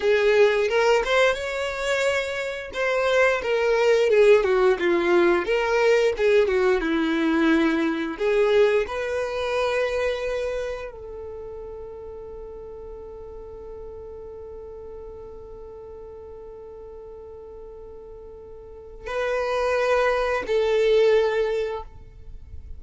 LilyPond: \new Staff \with { instrumentName = "violin" } { \time 4/4 \tempo 4 = 88 gis'4 ais'8 c''8 cis''2 | c''4 ais'4 gis'8 fis'8 f'4 | ais'4 gis'8 fis'8 e'2 | gis'4 b'2. |
a'1~ | a'1~ | a'1 | b'2 a'2 | }